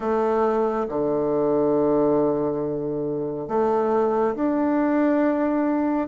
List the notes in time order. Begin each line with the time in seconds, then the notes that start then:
0.00 A3
0.89 D3
3.47 A3
4.35 D4